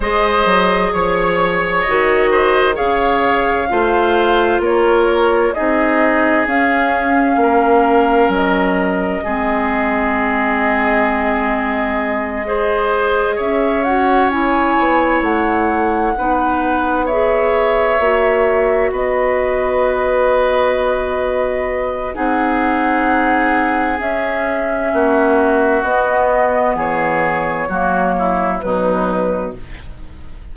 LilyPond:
<<
  \new Staff \with { instrumentName = "flute" } { \time 4/4 \tempo 4 = 65 dis''4 cis''4 dis''4 f''4~ | f''4 cis''4 dis''4 f''4~ | f''4 dis''2.~ | dis''2~ dis''8 e''8 fis''8 gis''8~ |
gis''8 fis''2 e''4.~ | e''8 dis''2.~ dis''8 | fis''2 e''2 | dis''4 cis''2 b'4 | }
  \new Staff \with { instrumentName = "oboe" } { \time 4/4 c''4 cis''4. c''8 cis''4 | c''4 ais'4 gis'2 | ais'2 gis'2~ | gis'4. c''4 cis''4.~ |
cis''4. b'4 cis''4.~ | cis''8 b'2.~ b'8 | gis'2. fis'4~ | fis'4 gis'4 fis'8 e'8 dis'4 | }
  \new Staff \with { instrumentName = "clarinet" } { \time 4/4 gis'2 fis'4 gis'4 | f'2 dis'4 cis'4~ | cis'2 c'2~ | c'4. gis'4. fis'8 e'8~ |
e'4. dis'4 gis'4 fis'8~ | fis'1 | dis'2 cis'2 | b2 ais4 fis4 | }
  \new Staff \with { instrumentName = "bassoon" } { \time 4/4 gis8 fis8 f4 dis4 cis4 | a4 ais4 c'4 cis'4 | ais4 fis4 gis2~ | gis2~ gis8 cis'4. |
b8 a4 b2 ais8~ | ais8 b2.~ b8 | c'2 cis'4 ais4 | b4 e4 fis4 b,4 | }
>>